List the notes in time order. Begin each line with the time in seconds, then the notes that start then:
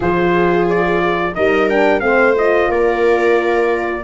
0.00 F3 F4 G#4 C5
0.69 D5
1.35 G3 D#4 A#4 D#5
1.69 D4 G5
1.99 A3 C4 F5
2.06 C5
2.35 F4 D#5
2.68 A#3 A#4 D5